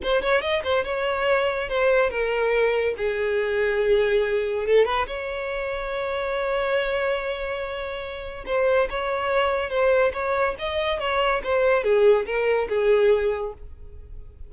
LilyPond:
\new Staff \with { instrumentName = "violin" } { \time 4/4 \tempo 4 = 142 c''8 cis''8 dis''8 c''8 cis''2 | c''4 ais'2 gis'4~ | gis'2. a'8 b'8 | cis''1~ |
cis''1 | c''4 cis''2 c''4 | cis''4 dis''4 cis''4 c''4 | gis'4 ais'4 gis'2 | }